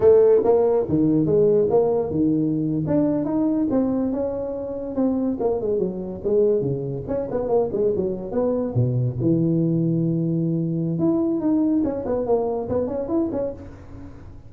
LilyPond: \new Staff \with { instrumentName = "tuba" } { \time 4/4 \tempo 4 = 142 a4 ais4 dis4 gis4 | ais4 dis4.~ dis16 d'4 dis'16~ | dis'8. c'4 cis'2 c'16~ | c'8. ais8 gis8 fis4 gis4 cis16~ |
cis8. cis'8 b8 ais8 gis8 fis4 b16~ | b8. b,4 e2~ e16~ | e2 e'4 dis'4 | cis'8 b8 ais4 b8 cis'8 e'8 cis'8 | }